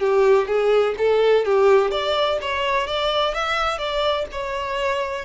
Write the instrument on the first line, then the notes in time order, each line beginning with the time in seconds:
violin
0.00 G4
0.48 G#4
0.98 A4
1.45 G4
1.91 D5
2.42 C#5
2.87 D5
3.35 E5
3.79 D5
4.32 C#5